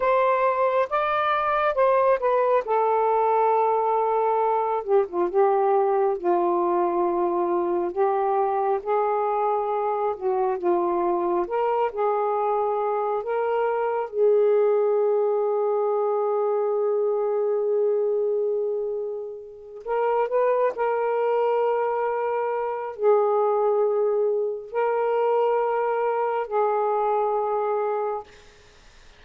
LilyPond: \new Staff \with { instrumentName = "saxophone" } { \time 4/4 \tempo 4 = 68 c''4 d''4 c''8 b'8 a'4~ | a'4. g'16 f'16 g'4 f'4~ | f'4 g'4 gis'4. fis'8 | f'4 ais'8 gis'4. ais'4 |
gis'1~ | gis'2~ gis'8 ais'8 b'8 ais'8~ | ais'2 gis'2 | ais'2 gis'2 | }